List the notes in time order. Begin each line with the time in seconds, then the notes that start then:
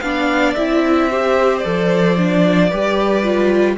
0.00 B3 D4 D5 F5
0.54 C4 E4 E5
1.09 G4 C5
1.58 A4 D5
1.65 F3
2.17 D4
2.69 G3 G4 B4
3.23 F4